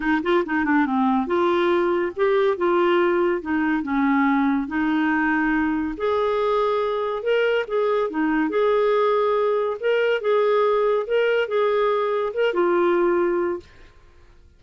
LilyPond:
\new Staff \with { instrumentName = "clarinet" } { \time 4/4 \tempo 4 = 141 dis'8 f'8 dis'8 d'8 c'4 f'4~ | f'4 g'4 f'2 | dis'4 cis'2 dis'4~ | dis'2 gis'2~ |
gis'4 ais'4 gis'4 dis'4 | gis'2. ais'4 | gis'2 ais'4 gis'4~ | gis'4 ais'8 f'2~ f'8 | }